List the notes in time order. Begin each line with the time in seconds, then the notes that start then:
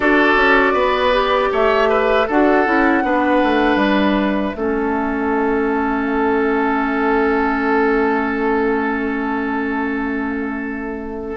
0.00 D4 F#4 A4 D5
0.35 C#4
0.73 B3 B4
1.12 G4
1.52 A3 C#5 E5
1.89 B4
2.27 D4 F#4 A4 F#5
2.65 C#4 E4
3.02 B3 D4 B4
3.43 A3
3.75 G3 E5
4.55 A3 C#4 A4